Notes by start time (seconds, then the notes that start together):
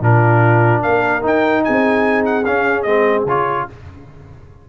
0.00 A#2 D4 F4 A#4
0.81 A#3 A#4 F5
1.21 D#4 G5
1.63 C4 G#4 G#5
2.25 F#5
2.45 C#4 F5
2.82 G#3 C4 D#5
3.25 C#3 F4 C#5